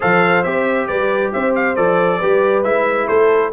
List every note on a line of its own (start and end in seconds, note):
0.00 0.45 F3
0.00 0.43 A4
0.00 0.87 C5
0.00 0.43 F5
0.43 0.89 C4
0.43 1.76 G4
0.43 0.87 E5
0.87 1.33 G3
0.87 1.31 B4
0.87 1.31 D5
1.32 1.77 C4
1.32 2.18 C5
1.32 1.54 E5
1.55 1.75 F5
1.75 2.21 F3
1.75 2.20 A4
1.75 2.63 D5
2.18 2.64 G3
2.18 2.64 G4
2.18 3.07 B4
2.63 3.08 G#3
2.63 3.52 E4
2.63 3.07 E5
3.07 3.52 A3
3.07 3.51 A4
3.07 3.51 C5